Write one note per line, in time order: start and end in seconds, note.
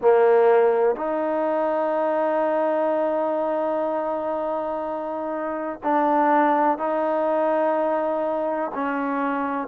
0.01 0.95 A#3
0.95 5.79 D#4
5.83 6.77 D4
6.77 8.71 D#4
8.74 9.67 C#4